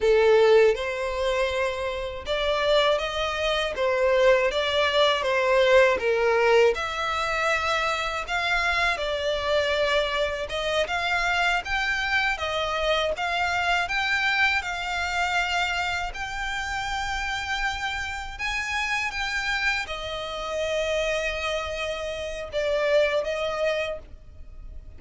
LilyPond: \new Staff \with { instrumentName = "violin" } { \time 4/4 \tempo 4 = 80 a'4 c''2 d''4 | dis''4 c''4 d''4 c''4 | ais'4 e''2 f''4 | d''2 dis''8 f''4 g''8~ |
g''8 dis''4 f''4 g''4 f''8~ | f''4. g''2~ g''8~ | g''8 gis''4 g''4 dis''4.~ | dis''2 d''4 dis''4 | }